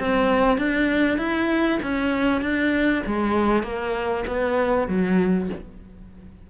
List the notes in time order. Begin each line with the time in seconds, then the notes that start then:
0.00 C4
0.58 D4
1.19 E4
1.83 C#4
2.42 D4
3.07 G#3
3.64 A#3
4.27 B3
4.88 F#3